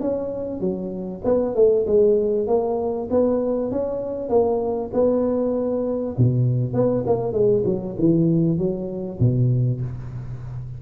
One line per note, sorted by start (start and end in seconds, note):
0.00 0.60 C#4
0.60 1.21 F#3
1.24 1.55 B3
1.55 1.85 A3
1.86 2.47 G#3
2.47 3.08 A#3
3.10 3.71 B3
3.71 4.29 C#4
4.29 4.90 A#3
4.93 6.15 B3
6.17 6.73 B2
6.73 7.04 B3
7.06 7.32 A#3
7.32 7.63 G#3
7.65 7.96 F#3
7.98 8.58 E3
8.58 9.19 F#3
9.19 9.80 B2